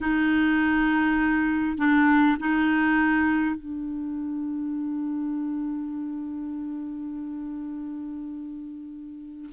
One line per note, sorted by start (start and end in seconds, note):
0.00 1.77 D#4
1.77 2.37 D4
2.39 3.55 D#4
3.55 9.49 D4